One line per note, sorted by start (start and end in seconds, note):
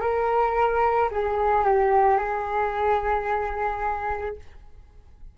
0.00 1.09 A#4
1.11 1.64 G#4
1.64 2.18 G4
2.18 4.36 G#4